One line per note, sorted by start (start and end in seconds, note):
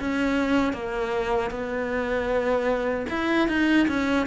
0.00 0.73 C#4
0.73 1.51 A#3
1.51 3.07 B3
3.10 3.49 E4
3.49 3.87 D#4
3.88 4.27 C#4